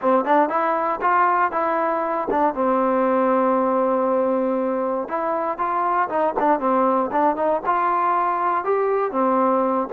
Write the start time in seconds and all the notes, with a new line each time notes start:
0.01 C4
0.24 D4
0.49 E4
1.01 F4
1.51 E4
2.30 D4
2.54 C4
5.08 E4
5.58 F4
6.09 D#4
6.39 D4
6.59 C4
7.11 D4
7.35 D#4
7.65 F4
8.64 G4
9.11 C4